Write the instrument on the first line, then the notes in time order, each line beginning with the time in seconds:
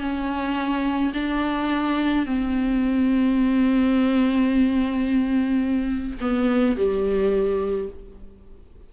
viola
0.00 C#4
1.13 D4
2.26 C4
6.20 B3
6.77 G3